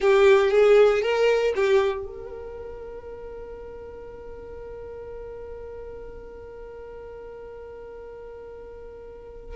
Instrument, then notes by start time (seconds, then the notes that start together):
violin
0.00 G4
0.50 G#4
1.01 A#4
1.55 G4
2.06 A#4